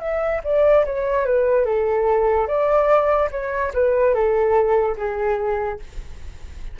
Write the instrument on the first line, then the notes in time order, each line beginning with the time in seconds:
flute
0.00 E5
0.44 D5
0.85 C#5
1.26 B4
1.65 A4
2.47 D5
3.31 C#5
3.74 B4
4.14 A4
4.97 G#4